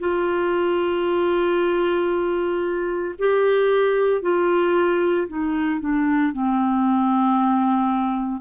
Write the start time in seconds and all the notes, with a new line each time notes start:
0.00 F4
3.19 G4
4.22 F4
5.28 D#4
5.80 D4
6.33 C4